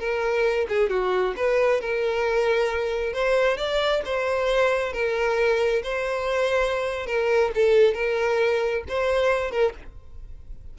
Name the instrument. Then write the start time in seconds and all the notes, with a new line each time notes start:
violin
0.00 A#4
0.69 G#4
0.90 F#4
1.37 B4
1.81 A#4
3.13 C5
3.57 D5
4.05 C5
4.93 A#4
5.83 C5
7.07 A#4
7.55 A4
7.94 A#4
8.88 C5
9.51 A#4